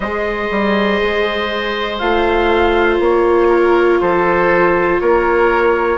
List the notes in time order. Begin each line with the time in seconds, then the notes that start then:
0.00 G#3 G#4 C5 D#5
0.50 G3
1.02 G#3
1.99 A3 F4 F5
2.99 A#3 C#5
3.48 A#4
4.00 F3 A4 C5
5.00 A#3 A#4 C#5